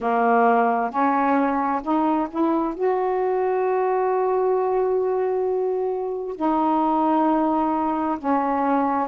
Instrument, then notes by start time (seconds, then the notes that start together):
saxophone
0.00 A#3
0.90 C#4
1.82 D#4
2.30 E4
2.74 F#4
6.36 D#4
8.18 C#4